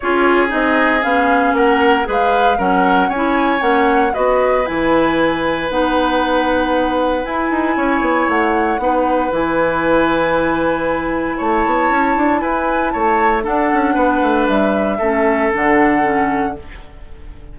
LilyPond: <<
  \new Staff \with { instrumentName = "flute" } { \time 4/4 \tempo 4 = 116 cis''4 dis''4 f''4 fis''4 | f''4 fis''4 gis''4 fis''4 | dis''4 gis''2 fis''4~ | fis''2 gis''2 |
fis''2 gis''2~ | gis''2 a''2 | gis''4 a''4 fis''2 | e''2 fis''2 | }
  \new Staff \with { instrumentName = "oboe" } { \time 4/4 gis'2. ais'4 | b'4 ais'4 cis''2 | b'1~ | b'2. cis''4~ |
cis''4 b'2.~ | b'2 cis''2 | b'4 cis''4 a'4 b'4~ | b'4 a'2. | }
  \new Staff \with { instrumentName = "clarinet" } { \time 4/4 f'4 dis'4 cis'2 | gis'4 cis'4 e'4 cis'4 | fis'4 e'2 dis'4~ | dis'2 e'2~ |
e'4 dis'4 e'2~ | e'1~ | e'2 d'2~ | d'4 cis'4 d'4 cis'4 | }
  \new Staff \with { instrumentName = "bassoon" } { \time 4/4 cis'4 c'4 b4 ais4 | gis4 fis4 cis'4 ais4 | b4 e2 b4~ | b2 e'8 dis'8 cis'8 b8 |
a4 b4 e2~ | e2 a8 b8 cis'8 d'8 | e'4 a4 d'8 cis'8 b8 a8 | g4 a4 d2 | }
>>